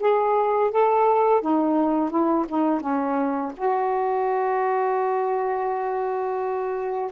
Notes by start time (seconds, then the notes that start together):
0.00 G#4
0.71 A4
1.42 D#4
2.10 E4
2.49 D#4
2.81 C#4
3.57 F#4